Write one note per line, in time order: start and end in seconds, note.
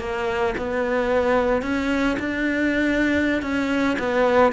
0.00 0.55 A#3
0.58 1.62 B3
1.62 2.17 C#4
2.20 3.43 D4
3.43 3.98 C#4
4.00 4.53 B3